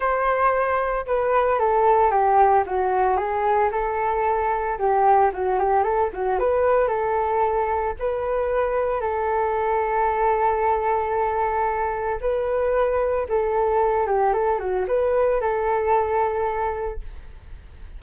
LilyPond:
\new Staff \with { instrumentName = "flute" } { \time 4/4 \tempo 4 = 113 c''2 b'4 a'4 | g'4 fis'4 gis'4 a'4~ | a'4 g'4 fis'8 g'8 a'8 fis'8 | b'4 a'2 b'4~ |
b'4 a'2.~ | a'2. b'4~ | b'4 a'4. g'8 a'8 fis'8 | b'4 a'2. | }